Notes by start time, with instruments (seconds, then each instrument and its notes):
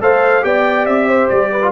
0.00 tuba A3, trombone A4, horn C5, trumpet F5
0.41 tuba B3, trombone G4, horn D5, trumpet G5
0.86 tuba C4, trumpet E5
1.08 horn C5
1.29 tuba G3, trumpet D5
1.51 horn B4
1.62 trombone F4